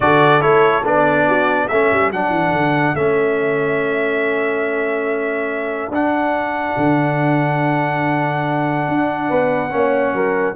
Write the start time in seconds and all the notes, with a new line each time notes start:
0.00 D3 F#4 A4 D5
0.40 A3 E4 C#5
0.84 B3 D4 D5
1.28 F#4
1.68 A3 C#4 A4 E5
1.92 G3
2.11 F#3 D4 F#5
2.29 E3
2.51 D3
2.94 A3 C#4 E5
5.88 D4 F#5
6.77 D3
8.88 D4
9.28 B3 B4
9.70 A#3 C#4 C#5
10.13 F#3 A#4